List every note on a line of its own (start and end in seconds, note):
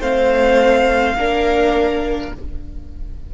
0.00 1.16 A3
0.00 1.17 C4
0.00 1.15 C5
0.00 2.33 F5
1.16 2.31 A#3
1.16 2.34 D4
1.16 2.35 A#4